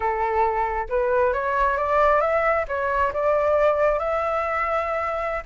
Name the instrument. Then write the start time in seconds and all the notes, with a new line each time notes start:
flute
0.00 A4
0.89 B4
1.33 C#5
1.77 D5
2.20 E5
2.68 C#5
3.13 D5
3.99 E5